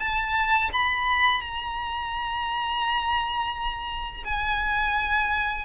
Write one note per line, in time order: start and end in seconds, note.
0.00 0.71 A5
0.73 1.41 B5
1.41 4.24 A#5
4.25 5.66 G#5